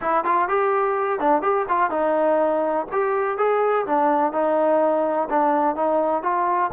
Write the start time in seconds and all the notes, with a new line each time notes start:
0.01 E4
0.24 F4
0.48 G4
1.19 D4
1.42 G4
1.68 F4
1.90 D#4
2.91 G4
3.37 G#4
3.86 D4
4.32 D#4
5.29 D4
5.75 D#4
6.22 F4